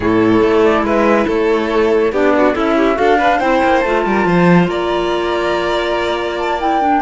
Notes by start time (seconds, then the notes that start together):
0.00 A2 E4 A4 C#5
0.41 A3
0.63 D5
0.82 G#3 B4 E5
1.27 A3 A4 C#5
2.11 B3 D4 G4 D5
2.36 F#4
2.53 C#4 E4 A4 E5
2.77 G4
2.94 D4 F#4 A4 F5
3.17 D4 B4
3.38 C4 E4 C5 G5
3.63 A#3
3.80 A3 F4 A5
4.05 G3 A#4
4.25 F3 C5
4.67 A#3 D5 A#5
6.38 A5
6.59 E4 G5
6.80 D4